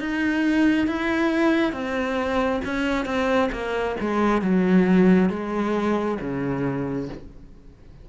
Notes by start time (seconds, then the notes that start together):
0.00 D#4
0.87 E4
1.72 C4
2.65 C#4
3.06 C4
3.52 A#3
4.00 G#3
4.42 F#3
5.29 G#3
6.20 C#3